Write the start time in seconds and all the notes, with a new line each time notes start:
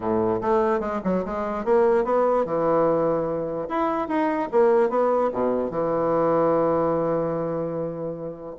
0.00 A2
0.41 A3
0.80 G#3
1.04 F#3
1.25 G#3
1.64 A#3
2.04 B3
2.45 E3
3.68 E4
4.08 D#4
4.51 A#3
4.89 B3
5.32 B2
5.70 E3